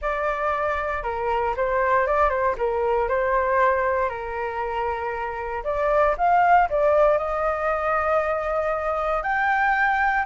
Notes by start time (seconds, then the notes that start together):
0.01 D5
1.03 A#4
1.56 C5
2.06 D5
2.29 C5
2.57 A#4
3.08 C5
4.09 A#4
5.64 D5
6.17 F5
6.69 D5
7.18 D#5
9.22 G5